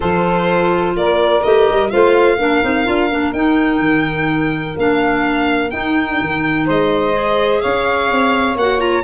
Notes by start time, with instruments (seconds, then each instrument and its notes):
0.00 tuba F3, clarinet F4, saxophone A4, violin C5
0.96 tuba A#3, saxophone A#4, violin D5
1.42 tuba A3, clarinet G4, violin D#5
1.68 tuba G3
1.89 tuba A3, clarinet F4, saxophone C5, violin F5
2.37 tuba A#3, clarinet D4, saxophone A#4
2.62 tuba C4, clarinet D#4
2.85 tuba D4, clarinet F4
3.10 tuba A#3, clarinet D4
3.33 tuba D#4, clarinet D#4, violin G5
3.79 tuba D#3
4.76 tuba A#3, clarinet D4, violin F5
5.70 clarinet D#4, tuba D#4, violin G5
6.21 tuba D#3
6.65 tuba G#3, saxophone C5, violin D#5
7.12 clarinet G#4
7.61 tuba C#4, saxophone C#5, violin F5
8.11 tuba C4
8.55 tuba A#3, clarinet F#4, violin F#5
8.78 clarinet F4, violin A#5